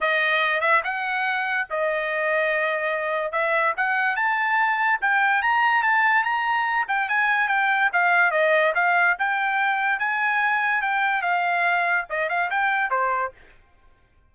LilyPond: \new Staff \with { instrumentName = "trumpet" } { \time 4/4 \tempo 4 = 144 dis''4. e''8 fis''2 | dis''1 | e''4 fis''4 a''2 | g''4 ais''4 a''4 ais''4~ |
ais''8 g''8 gis''4 g''4 f''4 | dis''4 f''4 g''2 | gis''2 g''4 f''4~ | f''4 dis''8 f''8 g''4 c''4 | }